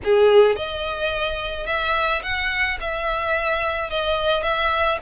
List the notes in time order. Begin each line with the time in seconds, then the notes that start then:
0.04 G#4
0.56 D#5
1.66 E5
2.22 F#5
2.80 E5
3.89 D#5
4.42 E5